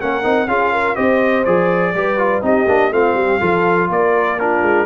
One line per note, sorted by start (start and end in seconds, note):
0.00 0.26 A#3
0.00 0.23 C#4
0.00 0.48 A#4
0.00 0.49 F#5
0.23 0.48 C4
0.23 0.48 D#4
0.48 0.97 C#4
0.48 0.96 F4
0.48 0.72 G#4
0.48 0.96 F5
0.73 0.96 A#4
0.96 1.47 C4
0.96 1.45 G4
0.96 1.93 C5
0.96 1.45 D#5
1.45 1.95 F3
1.45 1.95 G#4
1.45 2.43 D5
1.95 2.43 G3
1.95 2.18 G4
1.95 2.45 B4
2.18 2.42 F4
2.42 2.67 C4
2.42 2.67 D#4
2.42 2.93 G4
2.42 2.93 D#5
2.68 2.91 A#3
2.68 2.92 D4
2.91 3.15 A3
2.91 3.41 C4
2.91 3.18 F4
2.91 3.91 F5
3.15 3.39 G3
3.15 3.41 G4
3.41 3.90 F3
3.41 4.39 F4
3.41 3.90 A4
3.90 4.63 A#3
3.90 4.40 A#4
3.90 4.40 D5
4.40 4.86 D4
4.40 4.86 F4
4.40 4.86 A#4
4.63 4.86 G#3